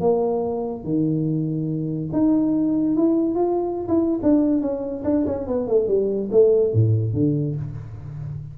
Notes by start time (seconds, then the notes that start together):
0.00 A#3
0.84 D#3
2.12 D#4
2.96 E4
3.35 F4
3.88 E4
4.22 D4
4.61 C#4
5.04 D4
5.26 C#4
5.47 B3
5.67 A3
5.87 G3
6.31 A3
6.73 A2
7.13 D3